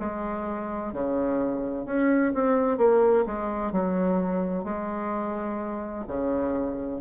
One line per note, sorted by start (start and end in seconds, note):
0.00 0.93 G#3
0.93 1.86 C#3
1.86 2.33 C#4
2.34 2.78 C4
2.78 3.25 A#3
3.26 3.72 G#3
3.72 4.64 F#3
4.64 6.05 G#3
6.08 7.01 C#3